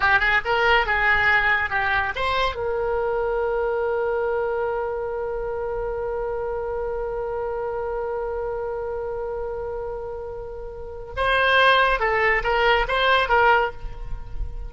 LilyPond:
\new Staff \with { instrumentName = "oboe" } { \time 4/4 \tempo 4 = 140 g'8 gis'8 ais'4 gis'2 | g'4 c''4 ais'2~ | ais'1~ | ais'1~ |
ais'1~ | ais'1~ | ais'2 c''2 | a'4 ais'4 c''4 ais'4 | }